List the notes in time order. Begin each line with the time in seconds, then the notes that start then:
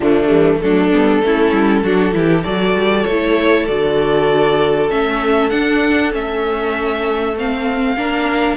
0.00 D3 F3 A3 D4
0.27 E3 G3
0.60 F#3 A3 D4 A4
0.92 G3 B3
1.21 A3 C#4 E4
1.52 G3
1.83 F#3 D4 F#4
2.12 E3 E4 G4
2.43 F#3 F#4 A4 D5
2.74 G3
3.04 A3 C#5
3.11 E4
3.67 D3 F#4 D5
4.89 A3 C#4 E5
5.50 D4 F#5
6.11 A3 C#4 E5
7.38 C4 F5
7.96 A#3 D4 A#4